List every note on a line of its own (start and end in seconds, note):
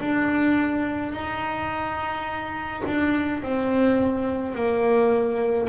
0.00 1.13 D4
1.13 2.83 D#4
2.87 3.42 D4
3.42 4.55 C4
4.55 5.69 A#3